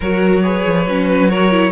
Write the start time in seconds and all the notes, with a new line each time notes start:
0.00 F#3 F#4 A#4 C#5
0.43 G#4 B4
0.66 F3
0.86 F#3 C#4
1.08 B4
1.29 F#4 A#4 C#5
1.51 E4